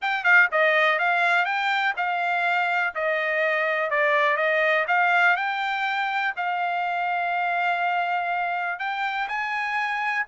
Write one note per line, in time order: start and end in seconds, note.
0.01 0.24 G5
0.24 0.48 F5
0.51 0.98 D#5
0.98 1.45 F5
1.45 1.93 G5
1.96 2.94 F5
2.94 3.90 D#5
3.90 4.36 D5
4.36 4.85 D#5
4.87 5.36 F5
5.36 6.34 G5
6.36 8.79 F5
8.79 9.28 G5
9.28 10.26 G#5